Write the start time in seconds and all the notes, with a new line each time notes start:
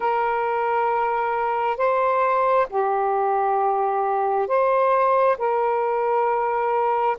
0.00 A#4
1.77 C5
2.69 G4
4.47 C5
5.37 A#4